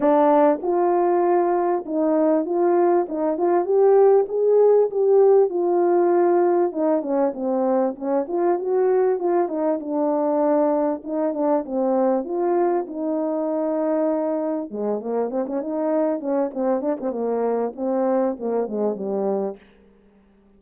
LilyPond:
\new Staff \with { instrumentName = "horn" } { \time 4/4 \tempo 4 = 98 d'4 f'2 dis'4 | f'4 dis'8 f'8 g'4 gis'4 | g'4 f'2 dis'8 cis'8 | c'4 cis'8 f'8 fis'4 f'8 dis'8 |
d'2 dis'8 d'8 c'4 | f'4 dis'2. | gis8 ais8 c'16 cis'16 dis'4 cis'8 c'8 d'16 c'16 | ais4 c'4 ais8 gis8 g4 | }